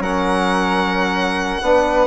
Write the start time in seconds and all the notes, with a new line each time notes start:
0.00 F#3 C#4 A#4 F#5
1.62 B3 D4 B4